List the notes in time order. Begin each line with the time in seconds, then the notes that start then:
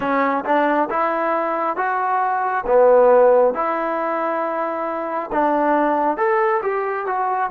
0.00 C#4
0.44 D4
0.89 E4
1.76 F#4
2.66 B3
3.54 E4
5.32 D4
6.17 A4
6.62 G4
7.06 F#4